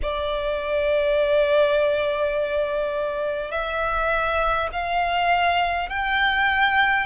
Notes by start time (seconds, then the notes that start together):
0.02 D5
3.51 E5
4.72 F5
5.89 G5